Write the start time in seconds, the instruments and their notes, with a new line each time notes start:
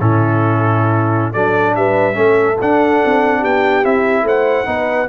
0.00 tuba A2, trombone C#4, horn E4, trumpet A4
1.32 tuba F#3, trombone D4, horn A4, trumpet D5
1.75 tuba G3, horn B4, trumpet E5
2.13 tuba A3, trombone C#4, horn A4
2.61 tuba D4, trombone D4, trumpet F#5
3.05 tuba C4
3.40 tuba B3, horn G4, trumpet G5
3.84 tuba C4, trombone E4, trumpet E5
4.23 tuba A3, horn C5, trumpet F#5
4.65 tuba B3, trombone D#4, horn B4